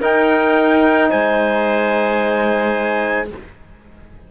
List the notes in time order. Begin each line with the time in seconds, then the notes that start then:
0.00 D#4 A#4 G5
1.10 G#3 C5 G#5